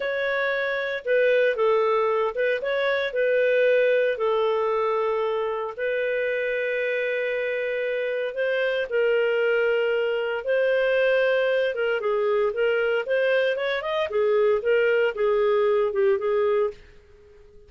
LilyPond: \new Staff \with { instrumentName = "clarinet" } { \time 4/4 \tempo 4 = 115 cis''2 b'4 a'4~ | a'8 b'8 cis''4 b'2 | a'2. b'4~ | b'1 |
c''4 ais'2. | c''2~ c''8 ais'8 gis'4 | ais'4 c''4 cis''8 dis''8 gis'4 | ais'4 gis'4. g'8 gis'4 | }